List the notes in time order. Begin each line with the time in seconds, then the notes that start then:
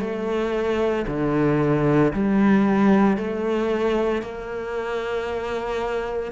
0.00 A3
1.07 D3
2.13 G3
3.17 A3
4.22 A#3